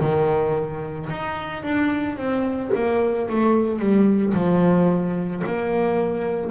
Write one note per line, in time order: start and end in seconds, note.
0.00 1.09 D#3
1.10 1.63 D#4
1.63 2.17 D4
2.17 2.71 C4
2.75 3.29 A#3
3.30 3.79 A3
3.79 4.34 G3
4.34 5.43 F3
5.46 6.51 A#3